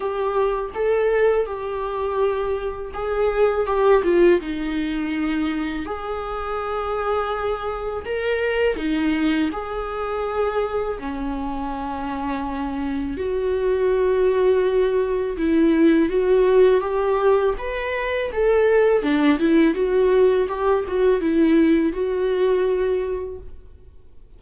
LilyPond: \new Staff \with { instrumentName = "viola" } { \time 4/4 \tempo 4 = 82 g'4 a'4 g'2 | gis'4 g'8 f'8 dis'2 | gis'2. ais'4 | dis'4 gis'2 cis'4~ |
cis'2 fis'2~ | fis'4 e'4 fis'4 g'4 | b'4 a'4 d'8 e'8 fis'4 | g'8 fis'8 e'4 fis'2 | }